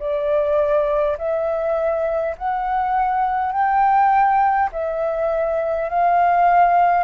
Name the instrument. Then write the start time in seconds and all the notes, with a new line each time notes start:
flute
0.00 D5
1.18 E5
2.39 F#5
3.53 G5
4.73 E5
5.90 F5